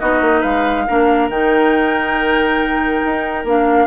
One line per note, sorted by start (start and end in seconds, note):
0.00 0.21 B3
0.00 0.88 D#4
0.00 0.41 F#4
0.00 0.43 D#5
0.21 0.43 A#3
0.41 0.88 G#3
0.41 0.84 B4
0.41 1.29 F5
0.88 1.29 A#3
0.88 1.31 D4
0.88 3.87 A#4
1.29 3.02 D#3
1.29 3.46 D#4
1.29 3.46 G5
3.05 3.44 D#4
3.44 3.87 A#3
3.44 3.87 D4
3.44 3.87 F5